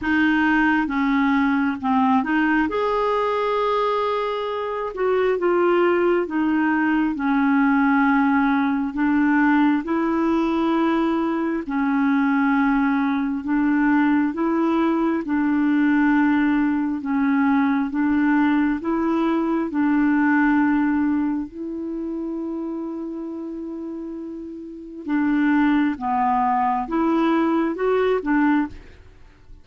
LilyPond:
\new Staff \with { instrumentName = "clarinet" } { \time 4/4 \tempo 4 = 67 dis'4 cis'4 c'8 dis'8 gis'4~ | gis'4. fis'8 f'4 dis'4 | cis'2 d'4 e'4~ | e'4 cis'2 d'4 |
e'4 d'2 cis'4 | d'4 e'4 d'2 | e'1 | d'4 b4 e'4 fis'8 d'8 | }